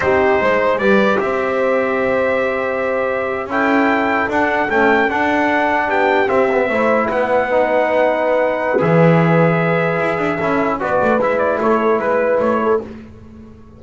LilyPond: <<
  \new Staff \with { instrumentName = "trumpet" } { \time 4/4 \tempo 4 = 150 c''2 d''4 e''4~ | e''1~ | e''8. g''2 fis''4 g''16~ | g''8. fis''2 g''4 e''16~ |
e''4.~ e''16 fis''2~ fis''16~ | fis''2 e''2~ | e''2. d''4 | e''8 d''8 cis''4 b'4 cis''4 | }
  \new Staff \with { instrumentName = "horn" } { \time 4/4 g'4 c''4 b'4 c''4~ | c''1~ | c''8. a'2.~ a'16~ | a'2~ a'8. g'4~ g'16~ |
g'8. c''4 b'2~ b'16~ | b'1~ | b'2 a'4 b'4~ | b'4 a'4 b'4. a'8 | }
  \new Staff \with { instrumentName = "trombone" } { \time 4/4 dis'2 g'2~ | g'1~ | g'8. e'2 d'4 a16~ | a8. d'2. c'16~ |
c'16 b8 e'2 dis'4~ dis'16~ | dis'2 gis'2~ | gis'2 e'4 fis'4 | e'1 | }
  \new Staff \with { instrumentName = "double bass" } { \time 4/4 c'4 gis4 g4 c'4~ | c'1~ | c'8. cis'2 d'4 cis'16~ | cis'8. d'2 b4 c'16~ |
c'8. a4 b2~ b16~ | b2 e2~ | e4 e'8 d'8 cis'4 b8 a8 | gis4 a4 gis4 a4 | }
>>